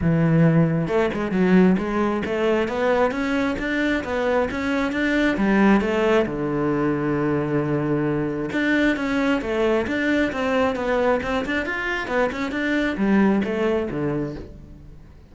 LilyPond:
\new Staff \with { instrumentName = "cello" } { \time 4/4 \tempo 4 = 134 e2 a8 gis8 fis4 | gis4 a4 b4 cis'4 | d'4 b4 cis'4 d'4 | g4 a4 d2~ |
d2. d'4 | cis'4 a4 d'4 c'4 | b4 c'8 d'8 f'4 b8 cis'8 | d'4 g4 a4 d4 | }